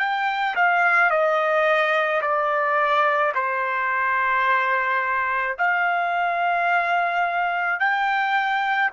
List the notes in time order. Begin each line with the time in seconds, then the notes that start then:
0.00 G5
0.56 F5
1.11 D#5
2.22 D5
3.35 C5
5.59 F5
7.80 G5